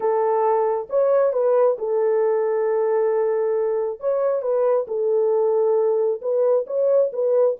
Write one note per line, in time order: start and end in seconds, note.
0.00 0.87 A4
0.89 1.32 C#5
1.32 1.77 B4
1.78 4.00 A4
4.00 4.42 C#5
4.42 4.86 B4
4.87 6.20 A4
6.21 6.65 B4
6.67 7.11 C#5
7.13 7.57 B4